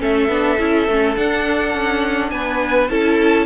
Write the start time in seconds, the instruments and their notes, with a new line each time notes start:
0.00 cello A3, viola C#4, violin A4 E5
0.29 cello B3, viola D4
0.59 cello C#4, viola E4
0.89 cello A3, viola C#4
1.16 viola D4, cello D4, violin F#5
1.75 cello C#4
2.31 cello B3, violin B4 G#5
2.90 cello C#4, viola E4, violin A4 A5